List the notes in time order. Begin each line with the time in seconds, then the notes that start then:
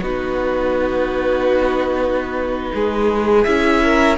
0.00 B3 D#4 F#4 B4
2.73 G#3 G#4
3.43 C#4 E4 E5
3.83 A#4